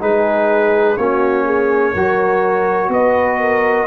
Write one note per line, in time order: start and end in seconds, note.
0.00 0.97 G#3
0.00 0.97 D#4
0.00 0.97 G#4
0.00 0.97 B4
0.97 1.94 A#3
0.97 1.96 C#4
0.97 1.45 F#4
0.97 2.90 C#5
1.45 1.93 G#4
1.94 2.89 F#3
1.94 3.87 F#4
1.94 2.90 A#4
2.89 3.85 B3
2.89 3.40 B4
2.89 3.87 D#5
3.40 3.87 A#4